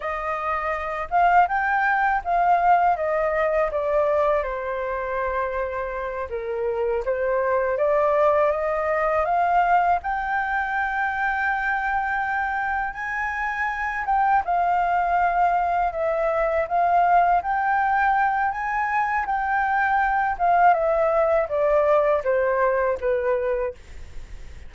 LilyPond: \new Staff \with { instrumentName = "flute" } { \time 4/4 \tempo 4 = 81 dis''4. f''8 g''4 f''4 | dis''4 d''4 c''2~ | c''8 ais'4 c''4 d''4 dis''8~ | dis''8 f''4 g''2~ g''8~ |
g''4. gis''4. g''8 f''8~ | f''4. e''4 f''4 g''8~ | g''4 gis''4 g''4. f''8 | e''4 d''4 c''4 b'4 | }